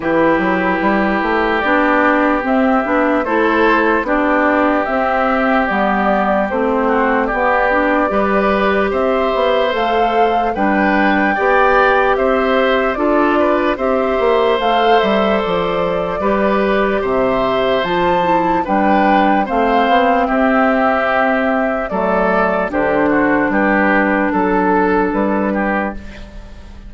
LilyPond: <<
  \new Staff \with { instrumentName = "flute" } { \time 4/4 \tempo 4 = 74 b'2 d''4 e''4 | c''4 d''4 e''4 d''4 | c''4 d''2 e''4 | f''4 g''2 e''4 |
d''4 e''4 f''8 e''8 d''4~ | d''4 e''4 a''4 g''4 | f''4 e''2 d''4 | c''4 b'4 a'4 b'4 | }
  \new Staff \with { instrumentName = "oboe" } { \time 4/4 g'1 | a'4 g'2.~ | g'8 fis'8 g'4 b'4 c''4~ | c''4 b'4 d''4 c''4 |
a'8 b'8 c''2. | b'4 c''2 b'4 | c''4 g'2 a'4 | g'8 fis'8 g'4 a'4. g'8 | }
  \new Staff \with { instrumentName = "clarinet" } { \time 4/4 e'2 d'4 c'8 d'8 | e'4 d'4 c'4 b4 | c'4 b8 d'8 g'2 | a'4 d'4 g'2 |
f'4 g'4 a'2 | g'2 f'8 e'8 d'4 | c'2. a4 | d'1 | }
  \new Staff \with { instrumentName = "bassoon" } { \time 4/4 e8 fis8 g8 a8 b4 c'8 b8 | a4 b4 c'4 g4 | a4 b4 g4 c'8 b8 | a4 g4 b4 c'4 |
d'4 c'8 ais8 a8 g8 f4 | g4 c4 f4 g4 | a8 b8 c'2 fis4 | d4 g4 fis4 g4 | }
>>